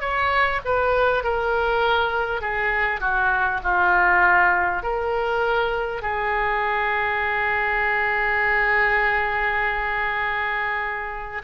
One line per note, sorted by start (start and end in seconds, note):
0.00 0.60 C#5
0.64 1.23 B4
1.23 2.41 A#4
2.41 3.00 G#4
3.00 3.60 F#4
3.63 4.83 F4
4.83 6.02 A#4
6.02 11.42 G#4